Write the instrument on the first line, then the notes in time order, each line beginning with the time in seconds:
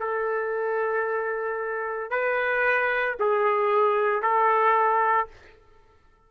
trumpet
0.00 A4
2.11 B4
3.20 G#4
4.23 A4